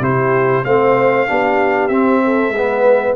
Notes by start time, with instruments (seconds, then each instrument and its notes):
0.00 tuba C3, trombone E4, horn G4, trumpet C5
0.65 tuba A3, trombone C4, horn C5, trumpet F5
1.27 tuba B3, trombone D4, horn G4
1.88 tuba C4, trombone C4, trumpet E5
2.24 horn A4
2.49 tuba G#3
2.55 trombone B3, horn B4